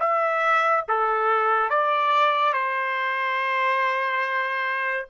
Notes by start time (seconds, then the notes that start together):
0.00 E5
0.88 A4
1.70 D5
2.54 C5